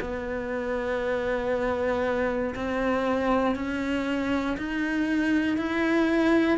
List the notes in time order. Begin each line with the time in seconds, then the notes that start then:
0.00 B3
2.55 C4
3.55 C#4
4.57 D#4
5.57 E4